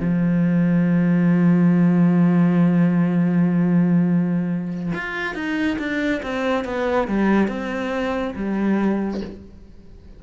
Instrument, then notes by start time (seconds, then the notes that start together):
cello
0.00 F3
4.95 F4
5.35 D#4
5.79 D4
6.23 C4
6.65 B3
7.08 G3
7.48 C4
8.36 G3